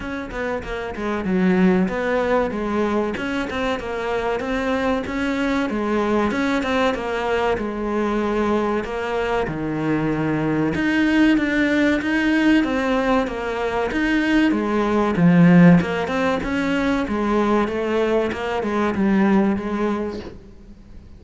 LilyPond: \new Staff \with { instrumentName = "cello" } { \time 4/4 \tempo 4 = 95 cis'8 b8 ais8 gis8 fis4 b4 | gis4 cis'8 c'8 ais4 c'4 | cis'4 gis4 cis'8 c'8 ais4 | gis2 ais4 dis4~ |
dis4 dis'4 d'4 dis'4 | c'4 ais4 dis'4 gis4 | f4 ais8 c'8 cis'4 gis4 | a4 ais8 gis8 g4 gis4 | }